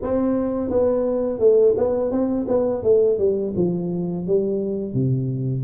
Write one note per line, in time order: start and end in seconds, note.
0.02 0.69 C4
0.69 1.39 B3
1.39 1.74 A3
1.76 2.11 B3
2.11 2.46 C4
2.47 2.83 B3
2.83 3.18 A3
3.18 3.53 G3
3.56 4.26 F3
4.26 4.93 G3
4.93 5.63 C3